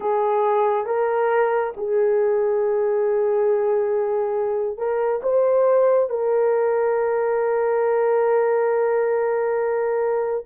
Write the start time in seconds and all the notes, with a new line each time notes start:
0.00 G#4
0.86 A#4
1.76 G#4
4.77 A#4
5.23 C5
6.09 A#4